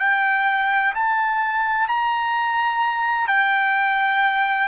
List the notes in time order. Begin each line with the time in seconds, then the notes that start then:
0.00 G5
0.94 A5
1.88 A#5
3.28 G5